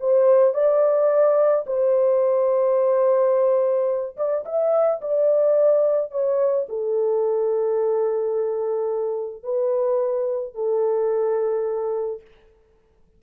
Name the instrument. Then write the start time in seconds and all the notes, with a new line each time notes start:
horn
0.00 C5
0.54 D5
1.67 C5
4.17 D5
4.45 E5
5.02 D5
6.11 C#5
6.69 A4
9.43 B4
10.54 A4